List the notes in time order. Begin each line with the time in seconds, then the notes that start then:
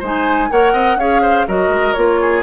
0.00 G#3 D#4 C5 G#5
0.51 A#3 A#4 C#5 F#5
0.73 C4 D#5
0.96 C#4 G#4 C#5 F5
1.22 C5
1.48 F#3 F#4 A#4 D#5
1.69 G#3
1.94 A#3 F4 C#5
2.22 G#4